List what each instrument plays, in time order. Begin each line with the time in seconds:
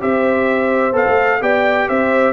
0.00 tuba C4, trombone G4, horn C5, trumpet E5
0.92 tuba B3, trombone A4, trumpet F5
1.06 tuba A3
1.40 tuba B3, trombone G4, horn D5, trumpet G5
1.88 tuba C4, horn C5, trumpet E5